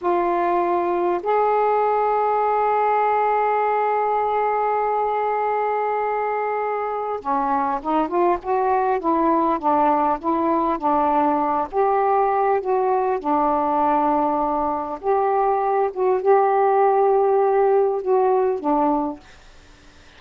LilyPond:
\new Staff \with { instrumentName = "saxophone" } { \time 4/4 \tempo 4 = 100 f'2 gis'2~ | gis'1~ | gis'1 | cis'4 dis'8 f'8 fis'4 e'4 |
d'4 e'4 d'4. g'8~ | g'4 fis'4 d'2~ | d'4 g'4. fis'8 g'4~ | g'2 fis'4 d'4 | }